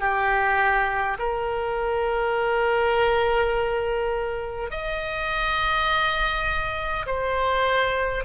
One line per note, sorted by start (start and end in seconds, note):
0.00 1.18 G4
1.19 4.71 A#4
4.71 7.06 D#5
7.06 8.24 C5